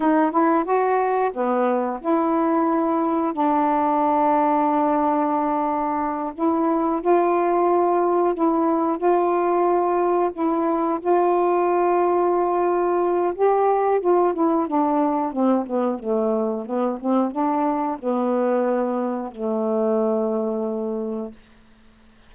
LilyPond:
\new Staff \with { instrumentName = "saxophone" } { \time 4/4 \tempo 4 = 90 dis'8 e'8 fis'4 b4 e'4~ | e'4 d'2.~ | d'4. e'4 f'4.~ | f'8 e'4 f'2 e'8~ |
e'8 f'2.~ f'8 | g'4 f'8 e'8 d'4 c'8 b8 | a4 b8 c'8 d'4 b4~ | b4 a2. | }